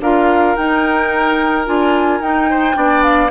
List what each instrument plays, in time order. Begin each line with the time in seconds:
0.00 bassoon D4, clarinet F4, oboe A#4, flute F5
0.56 clarinet D#4, bassoon D#4, flute G5
1.65 bassoon D4, clarinet F4, flute G#5
2.20 bassoon D#4, clarinet D#4, flute G5
2.49 oboe C5
2.74 bassoon B3, clarinet D4, oboe D5
3.03 flute F5